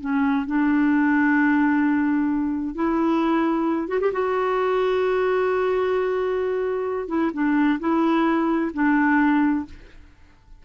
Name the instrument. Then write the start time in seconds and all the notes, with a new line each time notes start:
clarinet
0.00 C#4
0.46 D4
2.74 E4
3.87 F#4
4.00 G4
4.12 F#4
7.08 E4
7.33 D4
7.79 E4
8.73 D4